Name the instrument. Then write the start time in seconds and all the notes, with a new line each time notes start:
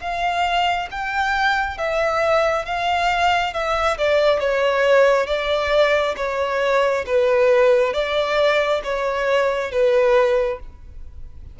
violin
0.00 F5
0.91 G5
1.78 E5
2.66 F5
3.53 E5
3.97 D5
4.40 C#5
5.27 D5
6.16 C#5
7.06 B4
7.93 D5
8.84 C#5
9.71 B4